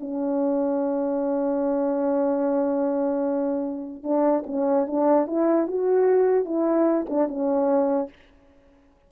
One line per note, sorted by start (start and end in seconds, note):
0.00 4.03 C#4
4.03 4.44 D4
4.47 4.87 C#4
4.87 5.27 D4
5.27 5.68 E4
5.68 6.45 F#4
6.45 7.06 E4
7.09 7.28 D4
7.28 8.09 C#4